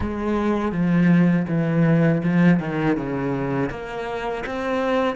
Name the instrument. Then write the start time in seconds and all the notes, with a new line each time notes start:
cello
0.00 G#3
0.72 F3
1.48 E3
2.23 F3
2.59 D#3
2.96 C#3
3.69 A#3
4.45 C4